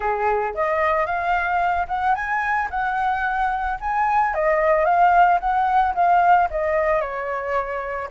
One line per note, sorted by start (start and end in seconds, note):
0.00 0.53 G#4
0.54 1.05 D#5
1.05 1.86 F5
1.88 2.14 F#5
2.14 2.68 G#5
2.70 3.78 F#5
3.80 4.34 G#5
4.34 4.85 D#5
4.85 5.39 F5
5.40 5.94 F#5
5.94 6.48 F5
6.50 7.00 D#5
7.00 8.08 C#5